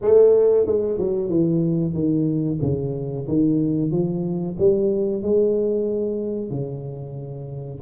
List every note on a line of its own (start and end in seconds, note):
0.01 0.66 A3
0.66 0.98 G#3
0.98 1.29 F#3
1.29 1.93 E3
1.93 2.58 D#3
2.61 3.26 C#3
3.28 3.91 D#3
3.91 4.56 F3
4.58 5.22 G3
5.22 6.50 G#3
6.50 7.80 C#3